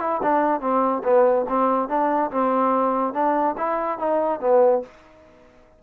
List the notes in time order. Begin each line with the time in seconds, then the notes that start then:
0.00 E4
0.23 D4
0.60 C4
1.04 B3
1.49 C4
1.89 D4
2.31 C4
3.13 D4
3.57 E4
3.98 D#4
4.40 B3